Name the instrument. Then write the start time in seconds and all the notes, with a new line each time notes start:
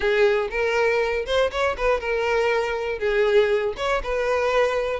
violin
0.00 G#4
0.50 A#4
1.25 C5
1.51 C#5
1.77 B4
2.00 A#4
2.99 G#4
3.76 C#5
4.03 B4